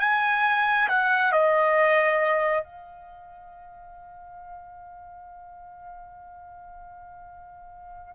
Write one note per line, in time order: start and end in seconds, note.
0.00 0.88 G#5
0.89 1.32 F#5
1.32 2.64 D#5
2.64 8.15 F5